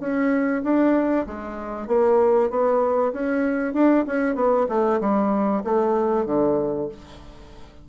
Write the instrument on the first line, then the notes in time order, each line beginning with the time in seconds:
bassoon
0.00 C#4
0.63 D4
1.26 G#3
1.87 A#3
2.50 B3
3.13 C#4
3.74 D4
4.07 C#4
4.35 B3
4.69 A3
5.01 G3
5.64 A3
6.26 D3